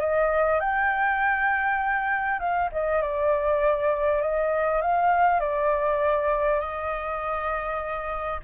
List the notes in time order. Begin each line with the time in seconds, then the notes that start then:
0.00 D#5
0.60 G5
2.40 F5
2.72 D#5
3.01 D5
4.22 D#5
4.82 F5
5.40 D5
6.60 D#5